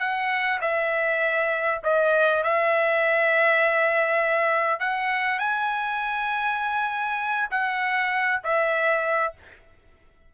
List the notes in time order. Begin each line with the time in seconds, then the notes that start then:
0.00 F#5
0.61 E5
1.84 D#5
2.44 E5
4.80 F#5
5.39 G#5
7.51 F#5
8.44 E5